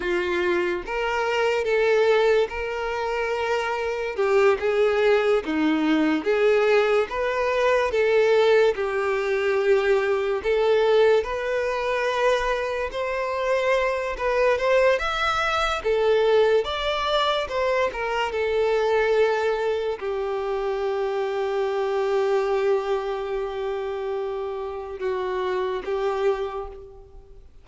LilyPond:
\new Staff \with { instrumentName = "violin" } { \time 4/4 \tempo 4 = 72 f'4 ais'4 a'4 ais'4~ | ais'4 g'8 gis'4 dis'4 gis'8~ | gis'8 b'4 a'4 g'4.~ | g'8 a'4 b'2 c''8~ |
c''4 b'8 c''8 e''4 a'4 | d''4 c''8 ais'8 a'2 | g'1~ | g'2 fis'4 g'4 | }